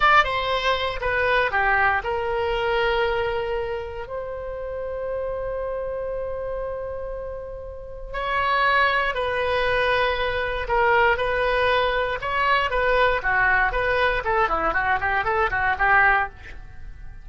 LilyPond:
\new Staff \with { instrumentName = "oboe" } { \time 4/4 \tempo 4 = 118 d''8 c''4. b'4 g'4 | ais'1 | c''1~ | c''1 |
cis''2 b'2~ | b'4 ais'4 b'2 | cis''4 b'4 fis'4 b'4 | a'8 e'8 fis'8 g'8 a'8 fis'8 g'4 | }